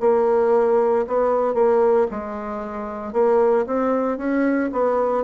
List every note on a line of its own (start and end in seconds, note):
0.00 1.05 A#3
1.07 1.54 B3
1.54 2.06 A#3
2.11 3.12 G#3
3.12 3.65 A#3
3.66 4.17 C4
4.17 4.70 C#4
4.72 5.24 B3